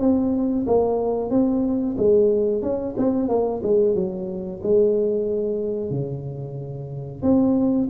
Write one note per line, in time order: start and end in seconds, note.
0.00 0.66 C4
0.67 1.30 A#3
1.30 1.96 C4
1.98 2.62 G#3
2.62 2.95 C#4
2.98 3.29 C4
3.29 3.62 A#3
3.63 3.95 G#3
3.95 4.61 F#3
4.63 5.91 G#3
5.91 7.23 C#3
7.23 7.89 C4